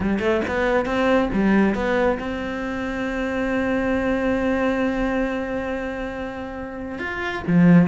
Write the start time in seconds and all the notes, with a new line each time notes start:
0.00 G3
0.19 A3
0.47 B3
0.85 C4
1.33 G3
1.74 B3
2.19 C4
6.99 F4
7.47 F3